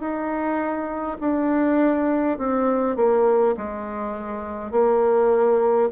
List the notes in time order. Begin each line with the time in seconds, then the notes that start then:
0.00 D#4
1.21 D4
2.39 C4
2.97 A#3
3.57 G#3
4.72 A#3